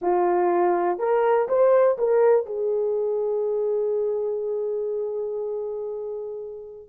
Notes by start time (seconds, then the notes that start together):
0.01 F4
0.99 A#4
1.48 C5
1.98 A#4
2.45 G#4